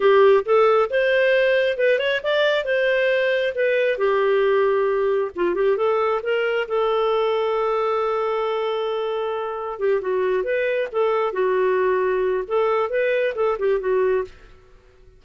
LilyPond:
\new Staff \with { instrumentName = "clarinet" } { \time 4/4 \tempo 4 = 135 g'4 a'4 c''2 | b'8 cis''8 d''4 c''2 | b'4 g'2. | f'8 g'8 a'4 ais'4 a'4~ |
a'1~ | a'2 g'8 fis'4 b'8~ | b'8 a'4 fis'2~ fis'8 | a'4 b'4 a'8 g'8 fis'4 | }